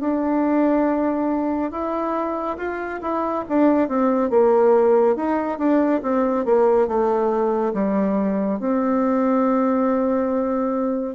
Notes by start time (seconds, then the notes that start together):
0.00 D4
1.71 E4
2.57 F4
3.01 E4
3.49 D4
3.88 C4
4.30 A#3
5.16 D#4
5.58 D4
6.02 C4
6.45 A#3
6.87 A3
7.74 G3
8.59 C4